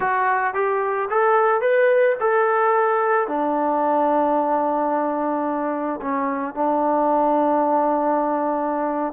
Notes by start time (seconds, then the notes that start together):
0.00 F#4
0.54 G4
1.10 A4
1.61 B4
2.19 A4
3.27 D4
6.01 C#4
6.54 D4